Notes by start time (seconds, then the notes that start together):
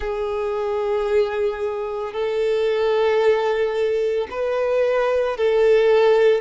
0.00 G#4
2.13 A4
4.30 B4
5.37 A4